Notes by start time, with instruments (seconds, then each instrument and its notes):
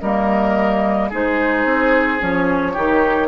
0.00 bassoon G3, clarinet A#3, oboe A#4, flute D#5
1.08 bassoon G#3, clarinet D#4, oboe G#4, flute C5
1.64 bassoon C4
2.19 bassoon F3, clarinet C#4, flute C#5
2.73 bassoon D#3, clarinet D#4, oboe G4